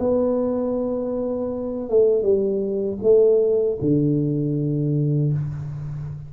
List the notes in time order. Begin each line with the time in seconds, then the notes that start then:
0.00 B3
1.90 A3
2.23 G3
3.02 A3
3.81 D3